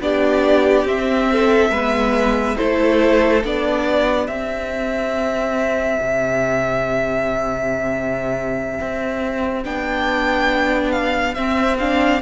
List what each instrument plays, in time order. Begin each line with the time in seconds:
0.00 cello B3, viola D4, violin G4 D5
0.85 cello C4, viola C4, violin E5
1.32 violin A4
1.70 cello G#3, viola B3, violin B4
2.57 cello A3, viola E4, violin A4 C5
3.44 cello B3, viola D4, violin D5
3.86 violin G4
4.27 cello C4, viola C4, violin E5
6.00 cello C3
8.80 cello C4
9.64 cello B3, viola D4, violin G5
10.91 violin F5
11.34 viola C4, cello C4, violin E5
11.79 viola D4, violin F5